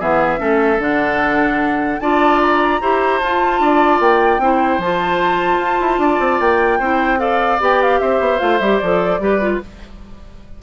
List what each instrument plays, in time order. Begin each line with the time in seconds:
0.00 bassoon E3, clarinet B3, oboe G#4, flute E5
0.38 bassoon A3, clarinet C#4, oboe A4
0.79 bassoon D3, clarinet D4, flute F#5
2.00 bassoon D4, clarinet F4, oboe D5, flute A5
2.42 flute A#5
2.82 bassoon E4, clarinet G4, oboe C5
3.20 bassoon F4, clarinet F4, flute A5
3.60 bassoon D4, oboe D5
4.00 bassoon A#3, flute G5
4.39 bassoon C4, clarinet E4, oboe C5
4.79 bassoon F3, clarinet F4, flute A5
5.59 bassoon F4
5.81 bassoon E4
5.98 bassoon D4, oboe D5
6.20 bassoon C4
6.40 bassoon A#3, flute G5
6.79 bassoon C4, clarinet E4, oboe C5
7.18 clarinet A4, oboe D5, flute F5
7.60 bassoon B3, clarinet G4, flute G5
7.83 flute F5
8.00 bassoon C4, oboe C5, flute E5
8.20 bassoon B3
8.39 bassoon A3, clarinet F4, flute F5
8.60 bassoon G3, clarinet G4, flute E5
8.79 bassoon F3, clarinet A4, flute D5
9.19 bassoon G3, clarinet G4, oboe B4
9.41 clarinet F4